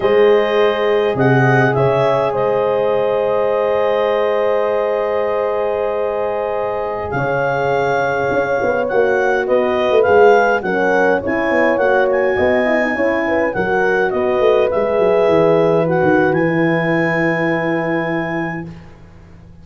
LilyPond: <<
  \new Staff \with { instrumentName = "clarinet" } { \time 4/4 \tempo 4 = 103 dis''2 fis''4 e''4 | dis''1~ | dis''1~ | dis''16 f''2. fis''8.~ |
fis''16 dis''4 f''4 fis''4 gis''8.~ | gis''16 fis''8 gis''2~ gis''8 fis''8.~ | fis''16 dis''4 e''2 fis''8. | gis''1 | }
  \new Staff \with { instrumentName = "horn" } { \time 4/4 c''2 dis''4 cis''4 | c''1~ | c''1~ | c''16 cis''2.~ cis''8.~ |
cis''16 b'2 ais'4 cis''8.~ | cis''4~ cis''16 dis''4 cis''8 b'8 ais'8.~ | ais'16 b'2.~ b'8.~ | b'1 | }
  \new Staff \with { instrumentName = "horn" } { \time 4/4 gis'1~ | gis'1~ | gis'1~ | gis'2.~ gis'16 fis'8.~ |
fis'4~ fis'16 gis'4 cis'4 e'8.~ | e'16 fis'4. e'16 dis'16 e'4 fis'8.~ | fis'4~ fis'16 gis'2 fis'8.~ | fis'16 e'2.~ e'8. | }
  \new Staff \with { instrumentName = "tuba" } { \time 4/4 gis2 c4 cis4 | gis1~ | gis1~ | gis16 cis2 cis'8 b8 ais8.~ |
ais16 b8. a16 gis4 fis4 cis'8 b16~ | b16 ais4 b4 cis'4 fis8.~ | fis16 b8 a8 gis8 fis8 e4~ e16 dis8 | e1 | }
>>